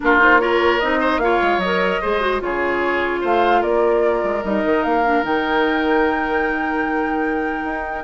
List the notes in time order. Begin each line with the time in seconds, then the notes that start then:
0.00 A#3 D4 F4 A#4
0.18 D#4 C5
0.39 F4 A#4 C#5
0.79 C4 D#4 D#5
1.00 C5
1.17 A#3 F4 F5
1.23 C#5
1.42 G#3
1.57 F#3 D#5
1.64 A#4
2.01 G#3 G#4 C5
2.20 F#4
2.40 C#3 F4 G#4 C#5
3.20 A3 C5 F5
3.61 A#3 A#4 D5
4.23 G#3
4.43 G3 D#4 D#5
4.64 D#3
4.83 A#3 F5
5.04 D4
5.23 D#3 D#4 G5
7.63 D#4